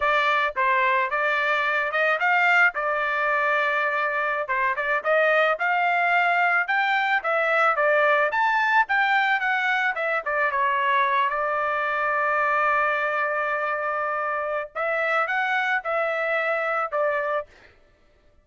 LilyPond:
\new Staff \with { instrumentName = "trumpet" } { \time 4/4 \tempo 4 = 110 d''4 c''4 d''4. dis''8 | f''4 d''2.~ | d''16 c''8 d''8 dis''4 f''4.~ f''16~ | f''16 g''4 e''4 d''4 a''8.~ |
a''16 g''4 fis''4 e''8 d''8 cis''8.~ | cis''8. d''2.~ d''16~ | d''2. e''4 | fis''4 e''2 d''4 | }